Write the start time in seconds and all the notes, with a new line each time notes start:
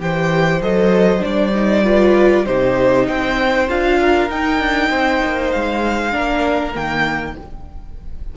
0.00 E3 G4 C5 G5
0.62 F#3 A4 D#5
1.20 G3 D4 D5
1.55 D#4
1.85 F4 B4
2.46 C3 D#4 G4 C5
3.08 C4 C5 G5
3.69 D4 F4 F5
4.01 A#4
4.30 D#4 G5
4.60 D4
4.90 C4 C5
5.25 A#3
5.52 G#3 F5
6.12 A#3 D4 A#4
6.74 D#3 A#3 G5